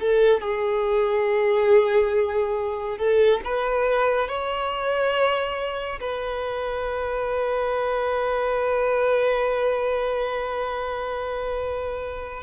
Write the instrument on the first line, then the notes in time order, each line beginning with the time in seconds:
violin
0.00 A4
0.41 G#4
2.98 A4
3.44 B4
4.28 C#5
6.00 B4